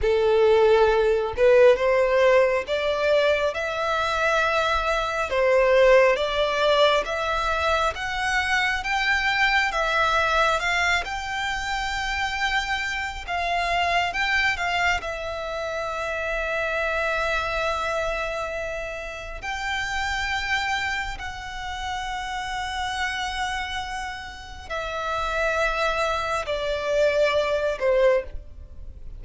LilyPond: \new Staff \with { instrumentName = "violin" } { \time 4/4 \tempo 4 = 68 a'4. b'8 c''4 d''4 | e''2 c''4 d''4 | e''4 fis''4 g''4 e''4 | f''8 g''2~ g''8 f''4 |
g''8 f''8 e''2.~ | e''2 g''2 | fis''1 | e''2 d''4. c''8 | }